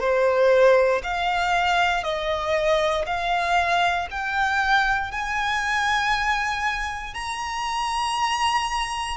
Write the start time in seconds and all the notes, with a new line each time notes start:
0.00 C5
1.04 F5
2.04 D#5
3.06 F5
4.11 G5
5.12 G#5
7.14 A#5